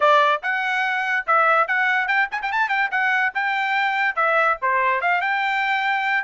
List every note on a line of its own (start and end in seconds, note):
0.00 0.41 D5
0.42 1.25 F#5
1.27 1.67 E5
1.67 2.07 F#5
2.07 2.28 G5
2.31 2.41 G#5
2.42 2.52 G5
2.52 2.69 A5
2.69 2.89 G5
2.91 3.32 F#5
3.34 4.15 G5
4.15 4.57 E5
4.61 5.01 C5
5.01 5.21 F5
5.21 6.24 G5